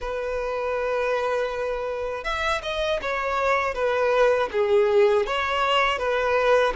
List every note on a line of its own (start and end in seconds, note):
0.00 2.24 B4
2.24 2.61 E5
2.62 3.00 D#5
3.01 3.74 C#5
3.74 4.49 B4
4.51 5.26 G#4
5.26 5.98 C#5
5.98 6.73 B4